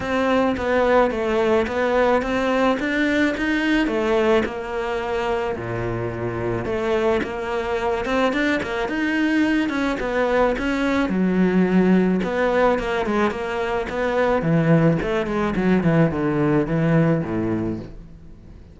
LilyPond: \new Staff \with { instrumentName = "cello" } { \time 4/4 \tempo 4 = 108 c'4 b4 a4 b4 | c'4 d'4 dis'4 a4 | ais2 ais,2 | a4 ais4. c'8 d'8 ais8 |
dis'4. cis'8 b4 cis'4 | fis2 b4 ais8 gis8 | ais4 b4 e4 a8 gis8 | fis8 e8 d4 e4 a,4 | }